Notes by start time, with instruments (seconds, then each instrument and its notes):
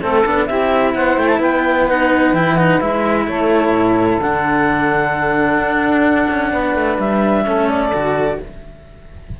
0.00 cello A3 C4, saxophone A4, clarinet A4
0.25 cello B3 D4
0.46 cello C4 E4, saxophone G4, clarinet E5
0.94 cello B3, saxophone C5, clarinet F#5
1.17 cello A3, clarinet G5
1.27 clarinet A5
1.39 cello B3, saxophone B4, clarinet G5
1.88 cello D#4, clarinet F#5
2.33 cello E3 E4, clarinet G5
2.56 cello D#4, clarinet F#5
2.80 cello G#3 E4, clarinet E5
3.27 cello A3, saxophone A4, clarinet C#5
3.70 cello A2
4.18 cello D3 D4, clarinet F#5
5.58 cello D4
6.29 cello C#4
6.52 cello B3, saxophone B4
6.74 cello A3
6.99 cello G3, clarinet E5
7.45 cello A3 C#4, saxophone A4
7.68 clarinet D5
7.92 cello D3 F#4